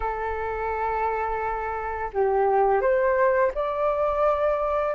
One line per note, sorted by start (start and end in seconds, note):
0.00 2.10 A4
2.13 2.81 G4
2.81 3.51 C5
3.54 4.95 D5